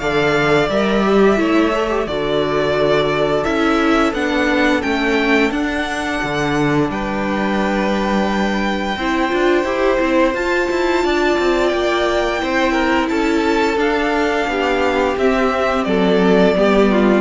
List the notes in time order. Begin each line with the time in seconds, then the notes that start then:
0.00 D3 A4 D5 F5
0.69 G3 A#4 E5
1.04 G4
1.37 A3 E4 C#5
1.72 A4
1.90 G4
2.07 D3 F#4 A4 D5
3.44 C#4 E4 E5
4.13 B3 D4 F#5
4.82 A3 C#4 G5
5.51 D4 F#5
6.23 D3
6.90 G3 B4 G5
8.97 C4 E4 C5
9.30 D4 F4
9.65 E4 G4
10.00 C4 E4
10.34 F4 A5
10.71 E4
11.04 D4 D5
11.39 C4
11.69 A#3 G5
12.39 C4 E4 C5
12.73 A#4
13.09 C#4 A4 A5
13.78 D4 F5
14.48 B3 G4
15.17 C4 E5
15.84 F#3 A4 D5
16.56 G3 B3 G4
16.92 F4